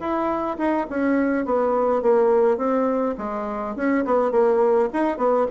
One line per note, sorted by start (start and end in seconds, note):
0.00 0.58 E4
0.58 0.87 D#4
0.90 1.46 C#4
1.46 2.02 B3
2.02 2.58 A#3
2.58 3.15 C4
3.18 3.76 G#3
3.76 4.04 C#4
4.05 4.31 B3
4.31 4.89 A#3
4.93 5.17 D#4
5.17 5.46 B3